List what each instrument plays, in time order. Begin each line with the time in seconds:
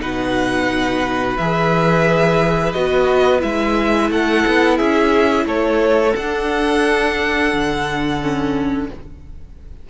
0.00 cello B2, viola D#4, violin B4 F#5
1.37 cello E3, viola G#4, violin E5
2.73 cello B3, viola F#4, violin D#5
3.40 cello G#3, viola E4, violin E5
4.10 cello A3, violin A4 F#5
4.47 cello B3
4.77 cello C#4, violin G#4 E5
5.46 cello A3, violin A4 C#5
6.16 cello D4, viola D4, violin F#5
7.53 cello D3
8.21 viola C#4